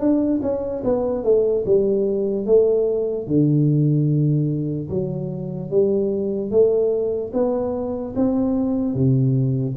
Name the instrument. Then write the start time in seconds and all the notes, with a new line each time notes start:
tuba
0.00 D4
0.42 C#4
0.84 B3
1.24 A3
1.66 G3
2.46 A3
3.27 D3
4.90 F#3
5.71 G3
6.51 A3
7.33 B3
8.16 C4
8.94 C3